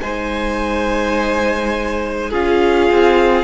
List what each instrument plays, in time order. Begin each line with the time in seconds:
0.00 cello G#3, viola D#4, violin C5 G#5
2.30 cello C#4, viola F4, violin G#4 F5
2.91 cello C4